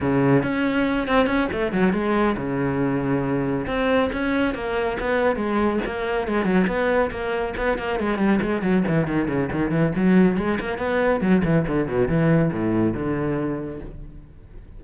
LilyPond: \new Staff \with { instrumentName = "cello" } { \time 4/4 \tempo 4 = 139 cis4 cis'4. c'8 cis'8 a8 | fis8 gis4 cis2~ cis8~ | cis8 c'4 cis'4 ais4 b8~ | b8 gis4 ais4 gis8 fis8 b8~ |
b8 ais4 b8 ais8 gis8 g8 gis8 | fis8 e8 dis8 cis8 dis8 e8 fis4 | gis8 ais8 b4 fis8 e8 d8 b,8 | e4 a,4 d2 | }